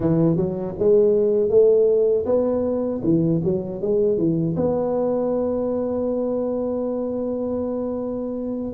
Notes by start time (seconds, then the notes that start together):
0.00 E3
0.36 F#3
0.78 G#3
1.49 A3
2.25 B3
3.03 E3
3.44 F#3
3.81 G#3
4.17 E3
4.56 B3